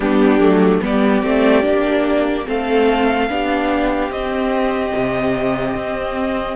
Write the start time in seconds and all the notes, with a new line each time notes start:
0.00 G3 B3 D4 G4
0.39 F#3 A3
0.81 G3 B3 G4 D5
1.22 A3 C4
1.61 A#3 D4
2.46 A3 C4 A4 F5
3.28 B3 D4 G4
4.10 C4 D#5
4.95 C3
5.74 C4